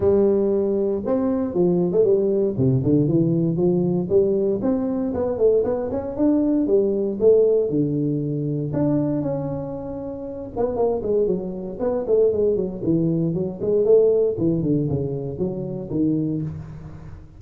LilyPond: \new Staff \with { instrumentName = "tuba" } { \time 4/4 \tempo 4 = 117 g2 c'4 f8. a16 | g4 c8 d8 e4 f4 | g4 c'4 b8 a8 b8 cis'8 | d'4 g4 a4 d4~ |
d4 d'4 cis'2~ | cis'8 b8 ais8 gis8 fis4 b8 a8 | gis8 fis8 e4 fis8 gis8 a4 | e8 d8 cis4 fis4 dis4 | }